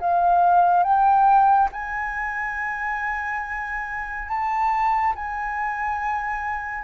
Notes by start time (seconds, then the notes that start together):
0.00 F5
0.83 G5
1.72 G#5
4.29 A5
5.15 G#5